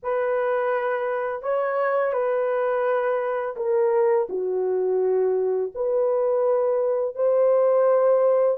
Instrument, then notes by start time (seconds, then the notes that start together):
horn
0.02 B4
1.42 C#5
2.12 B4
3.56 A#4
4.29 F#4
5.74 B4
7.15 C5